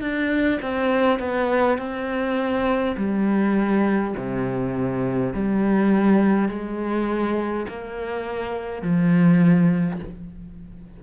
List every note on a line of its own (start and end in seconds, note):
0.00 0.59 D4
0.61 1.19 C4
1.19 1.78 B3
1.78 2.95 C4
2.97 4.14 G3
4.17 5.33 C3
5.33 6.49 G3
6.49 7.66 G#3
7.68 8.82 A#3
8.82 9.99 F3